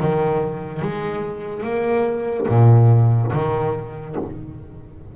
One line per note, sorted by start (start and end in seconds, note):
0.00 0.82 D#3
0.82 1.64 G#3
1.64 2.47 A#3
2.48 3.32 A#2
3.33 4.16 D#3